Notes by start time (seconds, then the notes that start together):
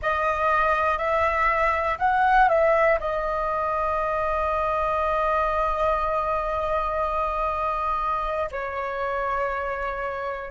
0.01 D#5
0.97 E5
1.99 F#5
2.48 E5
3.00 D#5
8.51 C#5